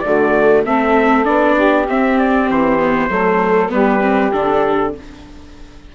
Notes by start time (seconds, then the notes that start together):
0.00 D3 A3 F#4 D5
0.65 A3 C4 A4 E5
1.24 B3 D4 D5
1.55 G4
1.88 C4 E5
2.18 D5
2.50 E3 C5
2.78 B3
3.09 F#3 A3 A4
3.69 G3 B3 G4 B4
4.01 C4
4.32 D3 D4 A4